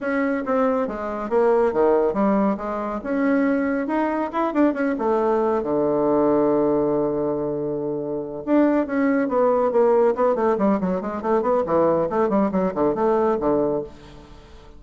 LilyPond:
\new Staff \with { instrumentName = "bassoon" } { \time 4/4 \tempo 4 = 139 cis'4 c'4 gis4 ais4 | dis4 g4 gis4 cis'4~ | cis'4 dis'4 e'8 d'8 cis'8 a8~ | a4 d2.~ |
d2.~ d8 d'8~ | d'8 cis'4 b4 ais4 b8 | a8 g8 fis8 gis8 a8 b8 e4 | a8 g8 fis8 d8 a4 d4 | }